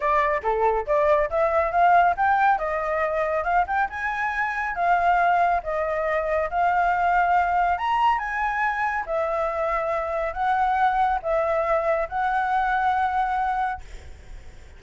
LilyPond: \new Staff \with { instrumentName = "flute" } { \time 4/4 \tempo 4 = 139 d''4 a'4 d''4 e''4 | f''4 g''4 dis''2 | f''8 g''8 gis''2 f''4~ | f''4 dis''2 f''4~ |
f''2 ais''4 gis''4~ | gis''4 e''2. | fis''2 e''2 | fis''1 | }